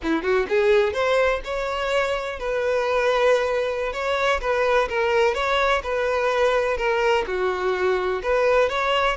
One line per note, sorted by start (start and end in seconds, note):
0.02 0.22 E4
0.22 0.46 F#4
0.48 0.93 G#4
0.93 1.40 C5
1.44 2.39 C#5
2.39 3.92 B4
3.92 4.40 C#5
4.40 4.88 B4
4.88 5.34 A#4
5.34 5.82 C#5
5.83 6.77 B4
6.77 7.24 A#4
7.26 8.22 F#4
8.23 8.69 B4
8.69 9.16 C#5